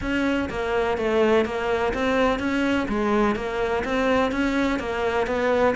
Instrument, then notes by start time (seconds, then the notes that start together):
cello
0.01 C#4
0.49 A#3
0.97 A3
1.45 A#3
1.93 C4
2.39 C#4
2.88 G#3
3.35 A#3
3.84 C4
4.31 C#4
4.79 A#3
5.26 B3